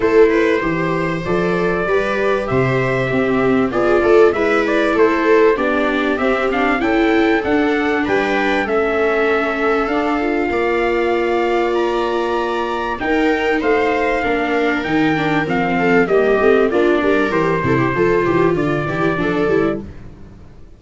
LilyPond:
<<
  \new Staff \with { instrumentName = "trumpet" } { \time 4/4 \tempo 4 = 97 c''2 d''2 | e''2 d''4 e''8 d''8 | c''4 d''4 e''8 f''8 g''4 | fis''4 g''4 e''2 |
f''2. ais''4~ | ais''4 g''4 f''2 | g''4 f''4 dis''4 d''4 | c''2 d''2 | }
  \new Staff \with { instrumentName = "viola" } { \time 4/4 a'8 b'8 c''2 b'4 | c''4 g'4 gis'8 a'8 b'4 | a'4 g'2 a'4~ | a'4 b'4 a'2~ |
a'4 d''2.~ | d''4 ais'4 c''4 ais'4~ | ais'4. a'8 g'4 f'8 ais'8~ | ais'8 a'16 g'16 a'8 g'8 f'8 g'8 a'4 | }
  \new Staff \with { instrumentName = "viola" } { \time 4/4 e'4 g'4 a'4 g'4~ | g'4 c'4 f'4 e'4~ | e'4 d'4 c'8 d'8 e'4 | d'2 cis'2 |
d'8 f'2.~ f'8~ | f'4 dis'2 d'4 | dis'8 d'8 c'4 ais8 c'8 d'4 | g'8 e'8 f'4. e'8 d'8 e'8 | }
  \new Staff \with { instrumentName = "tuba" } { \time 4/4 a4 e4 f4 g4 | c4 c'4 b8 a8 gis4 | a4 b4 c'4 cis'4 | d'4 g4 a2 |
d'4 ais2.~ | ais4 dis'4 a4 ais4 | dis4 f4 g8 a8 ais8 g8 | e8 c8 f8 e8 d8 e8 f8 g8 | }
>>